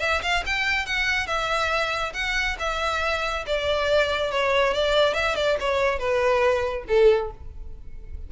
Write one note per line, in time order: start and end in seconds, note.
0.00 0.21 E5
0.22 0.43 F5
0.46 0.86 G5
0.86 1.27 F#5
1.27 2.12 E5
2.14 2.56 F#5
2.59 3.45 E5
3.46 4.31 D5
4.31 4.73 C#5
4.73 5.14 D5
5.14 5.35 E5
5.35 5.57 D5
5.59 5.98 C#5
5.98 6.84 B4
6.88 7.31 A4